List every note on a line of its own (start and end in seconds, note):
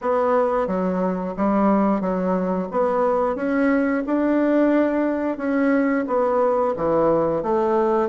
0.01 0.67 B3
0.67 1.34 F#3
1.37 2.00 G3
2.00 2.68 F#3
2.71 3.35 B3
3.35 4.03 C#4
4.06 5.37 D4
5.37 6.05 C#4
6.07 6.74 B3
6.76 7.42 E3
7.42 8.08 A3